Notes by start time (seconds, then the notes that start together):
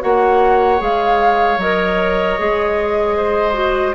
0.00 A#3 F#4 C#5 F#5
0.78 G#3 G#4 F5
1.58 F#3 A#4 D#5
2.39 G#3 G#4
3.17 C5
3.53 F#4